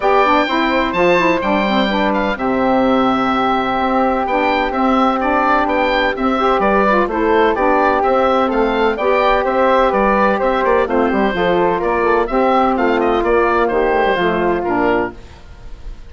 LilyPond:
<<
  \new Staff \with { instrumentName = "oboe" } { \time 4/4 \tempo 4 = 127 g''2 a''4 g''4~ | g''8 f''8 e''2.~ | e''4 g''4 e''4 d''4 | g''4 e''4 d''4 c''4 |
d''4 e''4 f''4 g''4 | e''4 d''4 e''8 d''8 c''4~ | c''4 d''4 e''4 f''8 dis''8 | d''4 c''2 ais'4 | }
  \new Staff \with { instrumentName = "flute" } { \time 4/4 d''4 c''2. | b'4 g'2.~ | g'1~ | g'4. c''8 b'4 a'4 |
g'2 a'4 d''4 | c''4 b'4 c''4 f'8 g'8 | a'4 ais'8 a'8 g'4 f'4~ | f'4 g'4 f'2 | }
  \new Staff \with { instrumentName = "saxophone" } { \time 4/4 g'8 d'8 e'4 f'8 e'8 d'8 c'8 | d'4 c'2.~ | c'4 d'4 c'4 d'4~ | d'4 c'8 g'4 f'8 e'4 |
d'4 c'2 g'4~ | g'2. c'4 | f'2 c'2 | ais4. a16 g16 a4 d'4 | }
  \new Staff \with { instrumentName = "bassoon" } { \time 4/4 b4 c'4 f4 g4~ | g4 c2. | c'4 b4 c'2 | b4 c'4 g4 a4 |
b4 c'4 a4 b4 | c'4 g4 c'8 ais8 a8 g8 | f4 ais4 c'4 a4 | ais4 dis4 f4 ais,4 | }
>>